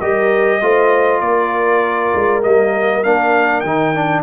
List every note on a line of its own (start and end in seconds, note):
0.00 0.61 G3
0.00 0.61 G4
0.00 0.61 A#4
0.00 1.21 D#5
0.61 1.21 A3
0.61 2.43 F4
0.61 1.22 C5
1.21 2.12 A#3
1.21 4.23 A#4
1.21 2.42 D5
2.15 2.45 G#3
2.43 3.04 G3
2.43 3.04 A#3
2.43 3.04 D#5
3.04 3.63 A#3
3.04 3.65 D4
3.04 3.60 F5
3.60 4.23 D#3
3.60 3.95 D#4
3.60 4.21 G5
3.95 4.23 D4